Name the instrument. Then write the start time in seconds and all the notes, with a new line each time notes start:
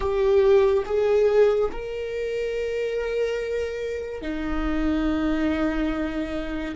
viola
0.00 G4
0.85 G#4
1.71 A#4
4.21 D#4